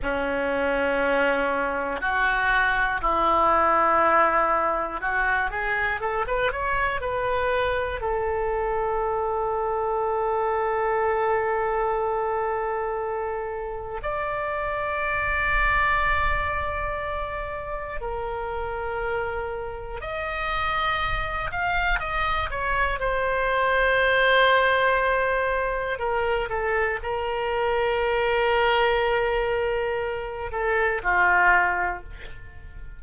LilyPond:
\new Staff \with { instrumentName = "oboe" } { \time 4/4 \tempo 4 = 60 cis'2 fis'4 e'4~ | e'4 fis'8 gis'8 a'16 b'16 cis''8 b'4 | a'1~ | a'2 d''2~ |
d''2 ais'2 | dis''4. f''8 dis''8 cis''8 c''4~ | c''2 ais'8 a'8 ais'4~ | ais'2~ ais'8 a'8 f'4 | }